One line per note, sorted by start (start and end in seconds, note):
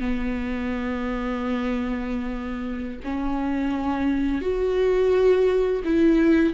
0.00 3.00 B3
3.05 4.41 C#4
4.41 5.83 F#4
5.85 6.54 E4